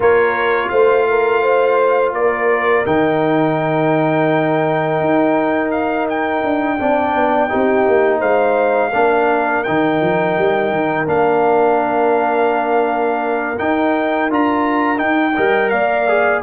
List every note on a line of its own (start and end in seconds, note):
0.00 0.68 A#3
0.00 2.85 F4
0.00 0.69 A#4
0.00 0.68 C#5
0.68 2.12 A3
0.68 1.06 C5
0.68 2.11 F5
1.09 1.42 A#4
1.42 2.13 C5
2.12 2.84 A#3
2.12 6.79 A#4
2.12 2.85 D5
2.85 5.00 D#3
2.85 6.78 D#4
2.85 5.71 G5
5.00 6.42 D#4
5.71 6.07 F5
6.09 8.20 G5
6.43 6.79 D4
6.79 7.14 C4
6.79 7.48 D4
6.79 7.49 D5
7.14 7.50 B3
7.48 7.87 C4
7.48 8.91 D#4
7.48 8.18 G4
7.87 8.21 A#3
8.18 8.92 G#3
8.18 8.90 C5
8.18 9.63 F5
8.92 9.65 A#3
8.92 9.64 D4
8.92 15.34 A#4
9.63 10.00 D#3
9.63 11.06 D#4
9.63 11.06 G5
10.00 10.36 F3
10.37 10.70 G3
10.70 11.06 D#3
11.06 13.57 A#3
11.06 13.56 D4
11.06 13.58 F5
13.58 14.29 D#4
13.58 14.30 D#4
13.58 14.30 G5
14.29 15.01 D4
14.29 14.96 F4
14.29 14.98 A#5
14.96 15.32 D#4
14.96 15.36 D#4
14.96 15.69 G5
15.34 15.71 G3
15.34 16.07 A#4
15.34 15.69 D#5
15.69 16.42 A#3
15.69 16.42 D5
15.69 16.40 F5
16.07 16.42 G#4